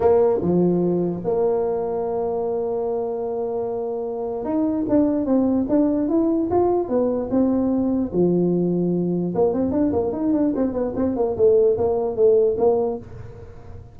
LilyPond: \new Staff \with { instrumentName = "tuba" } { \time 4/4 \tempo 4 = 148 ais4 f2 ais4~ | ais1~ | ais2. dis'4 | d'4 c'4 d'4 e'4 |
f'4 b4 c'2 | f2. ais8 c'8 | d'8 ais8 dis'8 d'8 c'8 b8 c'8 ais8 | a4 ais4 a4 ais4 | }